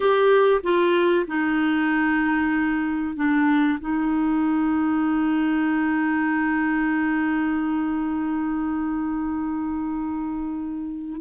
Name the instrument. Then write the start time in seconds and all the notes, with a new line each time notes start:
clarinet
0.00 G4
0.63 F4
1.27 D#4
3.15 D4
3.80 D#4